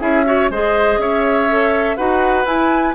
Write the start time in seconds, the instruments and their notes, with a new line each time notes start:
0.00 bassoon C#4, clarinet E4, oboe G#4, flute E5
0.25 clarinet F#4, oboe C#5
0.50 bassoon G#3, clarinet G#4, oboe C5, flute D#5
0.98 bassoon C#4, oboe C#5, flute E5
1.49 clarinet A4
1.97 bassoon D#4, clarinet F#4, oboe B4, flute F#5
2.45 clarinet E4, bassoon E4, flute G#5